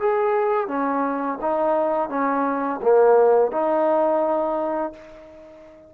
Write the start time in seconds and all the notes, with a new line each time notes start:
0.00 G#4
0.68 C#4
1.41 D#4
2.09 C#4
2.82 A#3
3.51 D#4